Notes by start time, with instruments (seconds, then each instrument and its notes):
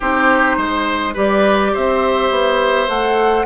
0.00 bassoon C4, clarinet D#4, oboe G4, flute C5
0.57 bassoon G#3, oboe C5
1.14 bassoon G3, clarinet G4, oboe B4, flute D5
1.73 bassoon C4, oboe C5, flute E5
2.30 bassoon B3
2.88 bassoon A3, clarinet A4, flute F#5